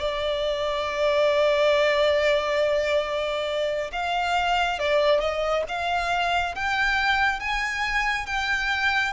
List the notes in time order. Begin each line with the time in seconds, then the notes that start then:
0.00 D5
3.92 F5
4.79 D5
5.21 D#5
5.68 F5
6.55 G5
7.40 G#5
8.26 G5